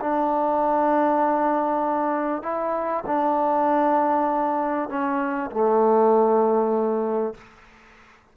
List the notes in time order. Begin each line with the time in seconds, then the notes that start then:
0.00 D4
2.42 E4
3.06 D4
4.89 C#4
5.50 A3